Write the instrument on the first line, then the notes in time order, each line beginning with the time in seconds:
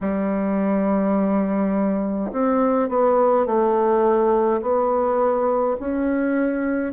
bassoon
0.01 G3
2.31 C4
2.88 B3
3.46 A3
4.61 B3
5.79 C#4